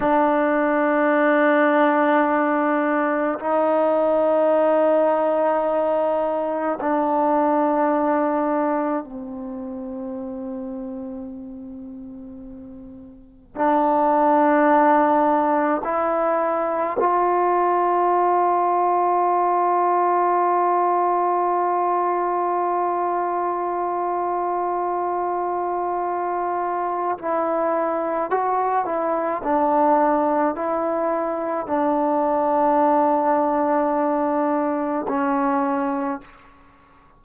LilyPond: \new Staff \with { instrumentName = "trombone" } { \time 4/4 \tempo 4 = 53 d'2. dis'4~ | dis'2 d'2 | c'1 | d'2 e'4 f'4~ |
f'1~ | f'1 | e'4 fis'8 e'8 d'4 e'4 | d'2. cis'4 | }